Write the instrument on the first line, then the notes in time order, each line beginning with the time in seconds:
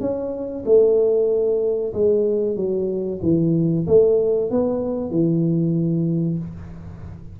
tuba
0.00 C#4
0.65 A3
1.93 G#3
2.56 F#3
3.22 E3
3.87 A3
4.50 B3
5.11 E3